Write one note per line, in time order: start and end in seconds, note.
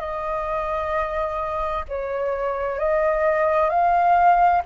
0.00 1.85 D#5
1.89 2.79 C#5
2.79 3.70 D#5
3.70 4.62 F5